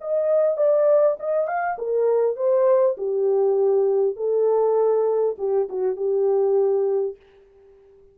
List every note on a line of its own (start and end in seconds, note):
0.00 0.57 D#5
0.57 1.17 D5
1.19 1.47 D#5
1.47 1.77 F5
1.78 2.36 A#4
2.36 2.96 C5
2.97 4.16 G4
4.16 5.36 A4
5.38 5.68 G4
5.69 5.96 F#4
5.96 7.16 G4